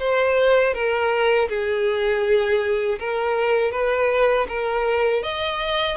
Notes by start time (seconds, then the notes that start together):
0.00 C5
0.74 A#4
1.49 G#4
3.00 A#4
3.72 B4
4.49 A#4
5.23 D#5